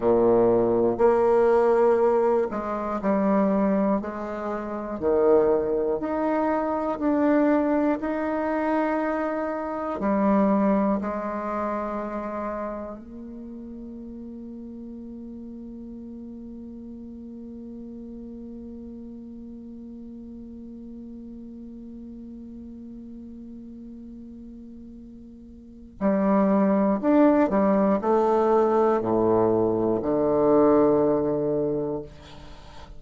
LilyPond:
\new Staff \with { instrumentName = "bassoon" } { \time 4/4 \tempo 4 = 60 ais,4 ais4. gis8 g4 | gis4 dis4 dis'4 d'4 | dis'2 g4 gis4~ | gis4 ais2.~ |
ais1~ | ais1~ | ais2 g4 d'8 g8 | a4 a,4 d2 | }